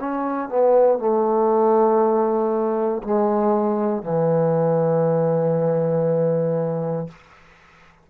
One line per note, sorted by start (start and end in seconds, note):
0.00 0.49 C#4
0.49 0.98 B3
0.98 3.02 A3
3.03 4.03 G#3
4.03 7.08 E3